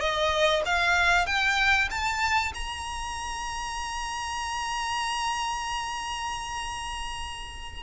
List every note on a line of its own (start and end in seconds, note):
0.00 0.62 D#5
0.65 1.26 F5
1.26 1.89 G5
1.90 2.53 A5
2.54 7.83 A#5